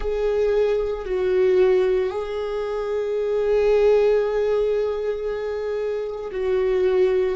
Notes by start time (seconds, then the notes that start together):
0.00 G#4
1.05 F#4
2.10 G#4
6.31 F#4